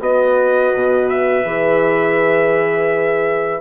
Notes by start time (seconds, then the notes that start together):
0.00 B3 F#4 B4 D#5
0.74 B2
1.09 E5
1.45 E3 G#4